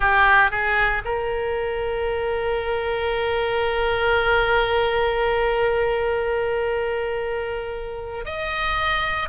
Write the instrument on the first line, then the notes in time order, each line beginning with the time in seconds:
oboe
0.00 G4
0.50 G#4
1.04 A#4
8.25 D#5